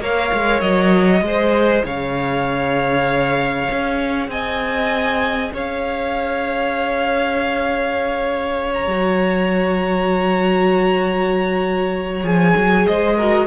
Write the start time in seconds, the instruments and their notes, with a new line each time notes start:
0.00 cello A#3, viola A#4, violin C#5 F5
0.33 cello G#3
0.61 cello F#3, violin D#5
1.21 cello G#3, viola G#4, violin C5
1.85 cello C#3, violin C#5 F5
3.71 cello C#4
4.29 cello C4, violin D#5 G#5
5.54 cello C#4, violin C#5 F5
8.74 violin A#5
8.87 cello F#3, viola F#4
12.23 cello F3, viola G#4, violin G#5
12.57 cello F#3
12.87 cello G#3, violin C5 D#5
13.17 viola F#4, violin A#4